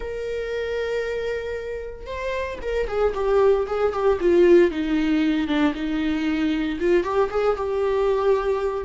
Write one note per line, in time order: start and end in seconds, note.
0.00 2.06 A#4
2.06 2.58 C5
2.62 2.87 A#4
2.87 3.13 G#4
3.14 3.66 G4
3.66 3.92 G#4
3.92 4.19 G4
4.20 4.70 F4
4.70 5.47 D#4
5.47 5.73 D4
5.74 6.78 D#4
6.79 7.03 F4
7.03 7.29 G4
7.30 7.56 G#4
7.56 8.85 G4